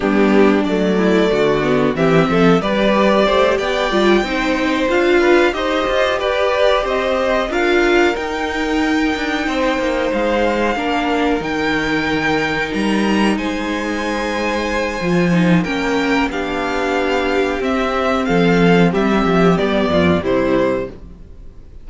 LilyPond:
<<
  \new Staff \with { instrumentName = "violin" } { \time 4/4 \tempo 4 = 92 g'4 d''2 e''4 | d''4. g''2 f''8~ | f''8 dis''4 d''4 dis''4 f''8~ | f''8 g''2. f''8~ |
f''4. g''2 ais''8~ | ais''8 gis''2.~ gis''8 | g''4 f''2 e''4 | f''4 e''4 d''4 c''4 | }
  \new Staff \with { instrumentName = "violin" } { \time 4/4 d'4. e'8 fis'4 g'8 a'8 | b'4 c''8 d''4 c''4. | b'8 c''4 b'4 c''4 ais'8~ | ais'2~ ais'8 c''4.~ |
c''8 ais'2.~ ais'8~ | ais'8 c''2.~ c''8 | ais'4 g'2. | a'4 g'4. f'8 e'4 | }
  \new Staff \with { instrumentName = "viola" } { \time 4/4 b4 a4. b8 c'4 | g'2 f'8 dis'4 f'8~ | f'8 g'2. f'8~ | f'8 dis'2.~ dis'8~ |
dis'8 d'4 dis'2~ dis'8~ | dis'2. f'8 dis'8 | cis'4 d'2 c'4~ | c'2 b4 g4 | }
  \new Staff \with { instrumentName = "cello" } { \time 4/4 g4 fis4 d4 e8 f8 | g4 a8 b8 g8 c'4 d'8~ | d'8 dis'8 f'8 g'4 c'4 d'8~ | d'8 dis'4. d'8 c'8 ais8 gis8~ |
gis8 ais4 dis2 g8~ | g8 gis2~ gis8 f4 | ais4 b2 c'4 | f4 g8 f8 g8 f,8 c4 | }
>>